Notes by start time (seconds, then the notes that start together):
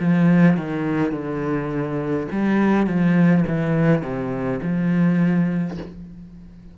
0.00 F3
0.57 D#3
1.12 D3
2.32 G3
2.87 F3
3.48 E3
4.02 C3
4.62 F3